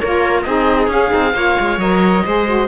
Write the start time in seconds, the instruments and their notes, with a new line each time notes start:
0.00 cello A#3, saxophone F4, viola A#4, oboe C#5
0.42 cello C4, saxophone D#4, viola G#4, oboe D#5
0.88 cello C#4, saxophone C#4, oboe F5
1.10 cello C4, saxophone D#4
1.33 cello A#3, saxophone F4, viola C#5
1.60 cello G#3
1.78 cello F#3, saxophone A#4, oboe D#5
2.25 cello G#3, saxophone G#4, viola C5
2.47 saxophone F#4